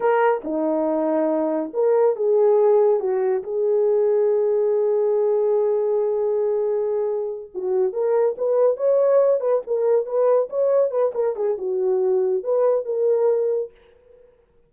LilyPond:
\new Staff \with { instrumentName = "horn" } { \time 4/4 \tempo 4 = 140 ais'4 dis'2. | ais'4 gis'2 fis'4 | gis'1~ | gis'1~ |
gis'4. fis'4 ais'4 b'8~ | b'8 cis''4. b'8 ais'4 b'8~ | b'8 cis''4 b'8 ais'8 gis'8 fis'4~ | fis'4 b'4 ais'2 | }